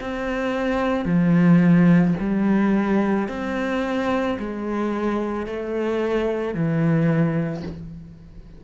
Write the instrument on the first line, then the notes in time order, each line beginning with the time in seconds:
cello
0.00 C4
1.05 F3
2.20 G3
3.28 C4
4.39 G#3
5.46 A3
6.54 E3